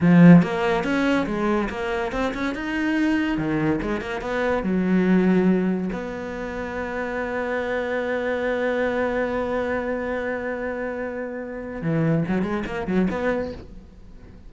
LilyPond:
\new Staff \with { instrumentName = "cello" } { \time 4/4 \tempo 4 = 142 f4 ais4 cis'4 gis4 | ais4 c'8 cis'8 dis'2 | dis4 gis8 ais8 b4 fis4~ | fis2 b2~ |
b1~ | b1~ | b1 | e4 fis8 gis8 ais8 fis8 b4 | }